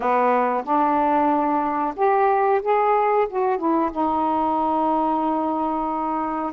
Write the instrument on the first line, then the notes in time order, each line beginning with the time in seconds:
saxophone
0.00 B3
0.63 D4
1.96 G4
2.62 G#4
3.29 F#4
3.58 E4
3.91 D#4